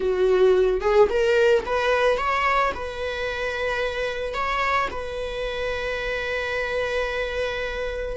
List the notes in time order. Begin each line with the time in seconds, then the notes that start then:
0.00 F#4
0.81 G#4
1.09 A#4
1.65 B4
2.17 C#5
2.74 B4
4.33 C#5
4.90 B4